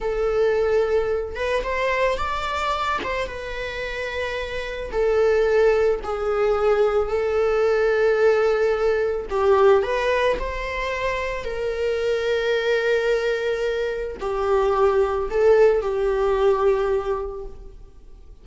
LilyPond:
\new Staff \with { instrumentName = "viola" } { \time 4/4 \tempo 4 = 110 a'2~ a'8 b'8 c''4 | d''4. c''8 b'2~ | b'4 a'2 gis'4~ | gis'4 a'2.~ |
a'4 g'4 b'4 c''4~ | c''4 ais'2.~ | ais'2 g'2 | a'4 g'2. | }